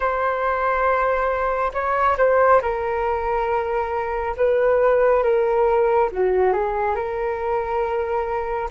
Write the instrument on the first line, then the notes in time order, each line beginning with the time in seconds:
flute
0.00 C5
1.73 C#5
2.17 C5
2.61 A#4
4.36 B4
5.23 A#4
6.11 F#4
6.53 G#4
6.95 A#4